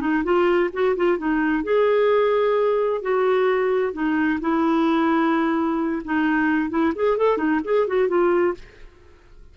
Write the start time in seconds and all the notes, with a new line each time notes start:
0.00 D#4
0.24 F4
0.73 F#4
0.96 F4
1.18 D#4
1.63 G#4
3.01 F#4
3.93 D#4
4.41 E4
6.04 D#4
6.70 E4
6.95 G#4
7.17 A4
7.37 D#4
7.64 G#4
7.87 F#4
8.08 F4